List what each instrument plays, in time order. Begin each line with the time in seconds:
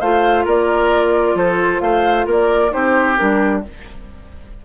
0.00 bassoon A3, clarinet F4, oboe C5, flute F5
0.45 bassoon A#3, oboe A#4, flute D5
1.34 bassoon F3, oboe A4, flute C5
1.80 bassoon A3, oboe C5, flute F5
2.26 bassoon A#3, oboe A#4
2.32 flute D5
2.69 bassoon C4, clarinet D#4, oboe G4, flute C5
3.17 bassoon G3, clarinet D4, flute A#4